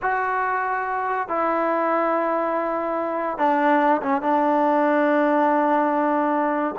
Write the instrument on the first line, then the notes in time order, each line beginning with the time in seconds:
trombone
0.02 F#4
1.28 E4
3.37 D4
4.01 C#4
4.21 D4